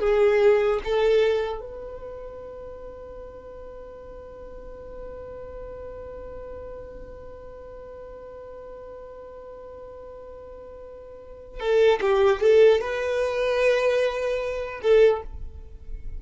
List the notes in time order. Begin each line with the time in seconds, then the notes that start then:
0.00 G#4
0.84 A4
1.60 B4
11.60 A4
12.01 G4
12.41 A4
12.81 B4
14.83 A4